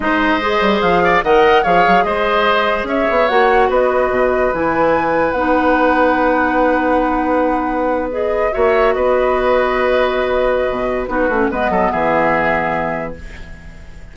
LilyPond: <<
  \new Staff \with { instrumentName = "flute" } { \time 4/4 \tempo 4 = 146 dis''2 f''4 fis''4 | f''4 dis''2 e''4 | fis''4 dis''2 gis''4~ | gis''4 fis''2.~ |
fis''2.~ fis''8. dis''16~ | dis''8. e''4 dis''2~ dis''16~ | dis''2. b'4 | dis''4 e''2. | }
  \new Staff \with { instrumentName = "oboe" } { \time 4/4 c''2~ c''8 d''8 dis''4 | cis''4 c''2 cis''4~ | cis''4 b'2.~ | b'1~ |
b'1~ | b'8. cis''4 b'2~ b'16~ | b'2. fis'4 | b'8 a'8 gis'2. | }
  \new Staff \with { instrumentName = "clarinet" } { \time 4/4 dis'4 gis'2 ais'4 | gis'1 | fis'2. e'4~ | e'4 dis'2.~ |
dis'2.~ dis'8. gis'16~ | gis'8. fis'2.~ fis'16~ | fis'2. dis'8 cis'8 | b1 | }
  \new Staff \with { instrumentName = "bassoon" } { \time 4/4 gis4. g8 f4 dis4 | f8 fis8 gis2 cis'8 b8 | ais4 b4 b,4 e4~ | e4 b2.~ |
b1~ | b8. ais4 b2~ b16~ | b2 b,4 b8 a8 | gis8 fis8 e2. | }
>>